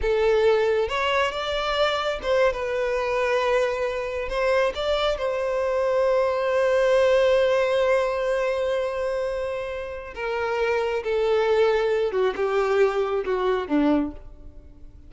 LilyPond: \new Staff \with { instrumentName = "violin" } { \time 4/4 \tempo 4 = 136 a'2 cis''4 d''4~ | d''4 c''8. b'2~ b'16~ | b'4.~ b'16 c''4 d''4 c''16~ | c''1~ |
c''1~ | c''2. ais'4~ | ais'4 a'2~ a'8 fis'8 | g'2 fis'4 d'4 | }